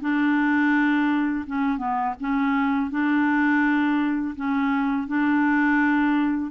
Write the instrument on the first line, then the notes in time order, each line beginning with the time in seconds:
clarinet
0.00 D4
1.46 C#4
1.77 B3
2.20 C#4
2.90 D4
4.35 C#4
5.07 D4